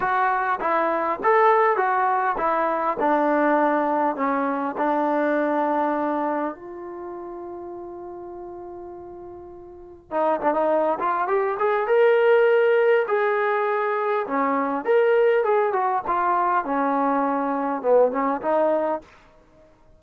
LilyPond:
\new Staff \with { instrumentName = "trombone" } { \time 4/4 \tempo 4 = 101 fis'4 e'4 a'4 fis'4 | e'4 d'2 cis'4 | d'2. f'4~ | f'1~ |
f'4 dis'8 d'16 dis'8. f'8 g'8 gis'8 | ais'2 gis'2 | cis'4 ais'4 gis'8 fis'8 f'4 | cis'2 b8 cis'8 dis'4 | }